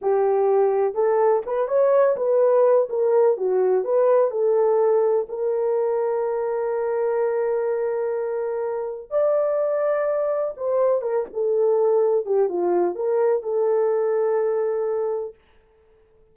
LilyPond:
\new Staff \with { instrumentName = "horn" } { \time 4/4 \tempo 4 = 125 g'2 a'4 b'8 cis''8~ | cis''8 b'4. ais'4 fis'4 | b'4 a'2 ais'4~ | ais'1~ |
ais'2. d''4~ | d''2 c''4 ais'8 a'8~ | a'4. g'8 f'4 ais'4 | a'1 | }